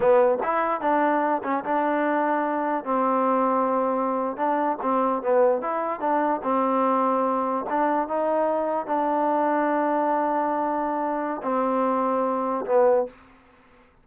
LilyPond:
\new Staff \with { instrumentName = "trombone" } { \time 4/4 \tempo 4 = 147 b4 e'4 d'4. cis'8 | d'2. c'4~ | c'2~ c'8. d'4 c'16~ | c'8. b4 e'4 d'4 c'16~ |
c'2~ c'8. d'4 dis'16~ | dis'4.~ dis'16 d'2~ d'16~ | d'1 | c'2. b4 | }